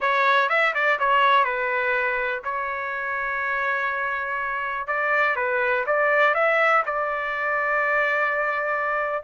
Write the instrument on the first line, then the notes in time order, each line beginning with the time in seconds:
trumpet
0.00 C#5
0.49 E5
0.74 D5
0.99 C#5
1.44 B4
2.43 C#5
4.87 D5
5.36 B4
5.86 D5
6.34 E5
6.85 D5